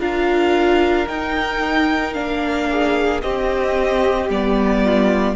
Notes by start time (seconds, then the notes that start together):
0.00 D4 F4 A#4 F5
1.08 D#4 G5
2.14 A#3 D4 F5
2.71 G#4
3.22 C4 G4 D#5
4.30 G3 B3 D5
4.84 F4